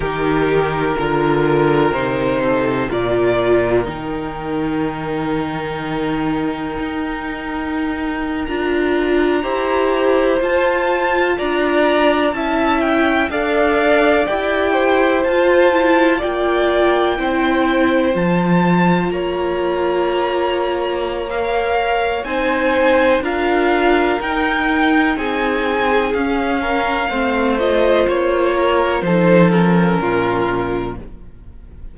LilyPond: <<
  \new Staff \with { instrumentName = "violin" } { \time 4/4 \tempo 4 = 62 ais'2 c''4 d''4 | g''1~ | g''8. ais''2 a''4 ais''16~ | ais''8. a''8 g''8 f''4 g''4 a''16~ |
a''8. g''2 a''4 ais''16~ | ais''2 f''4 gis''4 | f''4 g''4 gis''4 f''4~ | f''8 dis''8 cis''4 c''8 ais'4. | }
  \new Staff \with { instrumentName = "violin" } { \time 4/4 g'4 ais'4. a'8 ais'4~ | ais'1~ | ais'4.~ ais'16 c''2 d''16~ | d''8. e''4 d''4. c''8.~ |
c''8. d''4 c''2 cis''16~ | cis''2. c''4 | ais'2 gis'4. ais'8 | c''4. ais'8 a'4 f'4 | }
  \new Staff \with { instrumentName = "viola" } { \time 4/4 dis'4 f'4 dis'4 f'4 | dis'1~ | dis'8. f'4 g'4 f'4~ f'16~ | f'8. e'4 a'4 g'4 f'16~ |
f'16 e'8 f'4 e'4 f'4~ f'16~ | f'2 ais'4 dis'4 | f'4 dis'2 cis'4 | c'8 f'4. dis'8 cis'4. | }
  \new Staff \with { instrumentName = "cello" } { \time 4/4 dis4 d4 c4 ais,4 | dis2. dis'4~ | dis'8. d'4 e'4 f'4 d'16~ | d'8. cis'4 d'4 e'4 f'16~ |
f'8. ais4 c'4 f4 ais16~ | ais2. c'4 | d'4 dis'4 c'4 cis'4 | a4 ais4 f4 ais,4 | }
>>